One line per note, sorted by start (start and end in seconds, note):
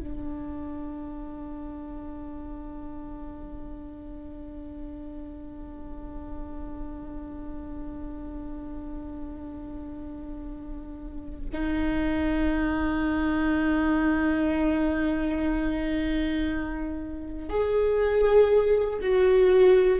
0.00 11.50 D4
11.53 17.50 D#4
17.50 19.00 G#4
19.01 20.00 F#4